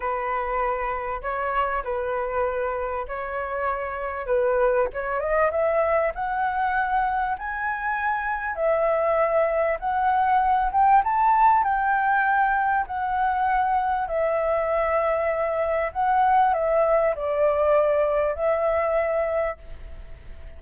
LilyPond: \new Staff \with { instrumentName = "flute" } { \time 4/4 \tempo 4 = 98 b'2 cis''4 b'4~ | b'4 cis''2 b'4 | cis''8 dis''8 e''4 fis''2 | gis''2 e''2 |
fis''4. g''8 a''4 g''4~ | g''4 fis''2 e''4~ | e''2 fis''4 e''4 | d''2 e''2 | }